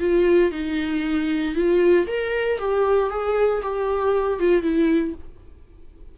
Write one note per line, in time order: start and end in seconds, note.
0.00 0.51 F4
0.51 1.55 D#4
1.55 2.07 F4
2.07 2.59 A#4
2.59 3.10 G4
3.10 3.62 G#4
3.62 4.40 G4
4.40 4.62 F4
4.62 5.14 E4